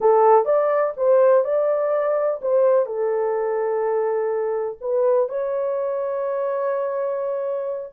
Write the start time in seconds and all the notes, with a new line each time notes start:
0.00 A4
0.45 D5
0.96 C5
1.44 D5
2.41 C5
2.86 A4
4.80 B4
5.28 C#5